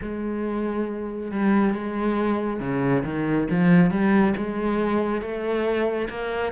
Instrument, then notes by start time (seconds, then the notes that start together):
cello
0.01 G#3
1.30 G3
1.74 G#3
2.60 C#3
3.04 D#3
3.50 F3
3.90 G3
4.36 G#3
5.21 A3
6.09 A#3